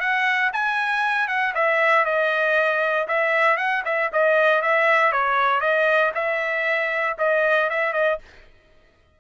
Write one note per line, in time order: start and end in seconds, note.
0.00 0.51 F#5
0.53 1.28 G#5
1.28 1.53 F#5
1.55 2.05 E5
2.05 3.07 D#5
3.08 3.57 E5
3.57 3.83 F#5
3.85 4.10 E5
4.12 4.62 D#5
4.62 5.12 E5
5.12 5.60 C#5
5.60 6.12 D#5
6.14 7.17 E5
7.18 7.69 D#5
7.70 7.93 E5
7.93 8.18 D#5